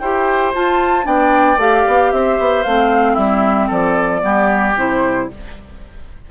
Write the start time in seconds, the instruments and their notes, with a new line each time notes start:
0.00 bassoon E4, clarinet G4, oboe C5, flute G5
0.54 clarinet F4, bassoon F4, flute A5
1.04 bassoon B3, clarinet D4, oboe D5, flute G5
1.57 bassoon A3, clarinet G4, flute F5
1.88 bassoon B3
2.12 bassoon C4, oboe C5, flute E5
2.39 bassoon B3
2.63 bassoon A3, clarinet C4, flute F5
3.13 bassoon G3, oboe E4, flute E5
3.68 bassoon F3, oboe A4, flute D5
4.21 bassoon G3, clarinet B3, oboe G4
4.76 bassoon C3, clarinet E4, flute C5